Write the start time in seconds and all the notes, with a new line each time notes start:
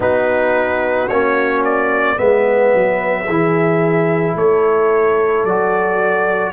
0.00 B3 D#4 F#4 B4
1.08 A#3 C#4 C#5
1.64 D5
2.16 G#3 B3 B4 E5
2.74 F#3
3.26 E3 E4 G#4
4.35 A3 A4 C#5
5.44 F#3 F#4 D5